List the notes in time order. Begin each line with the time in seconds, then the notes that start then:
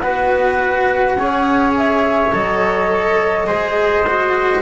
0.00 B3 F#4 B4 F#5
1.16 C#4 G#4 C#5
1.77 E5
2.32 F#3 A4 D#5
3.47 G#3 G#4 C5
4.07 F#4